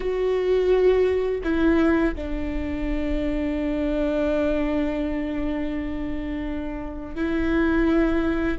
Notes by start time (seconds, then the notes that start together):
0.00 F#4
1.43 E4
2.15 D4
7.15 E4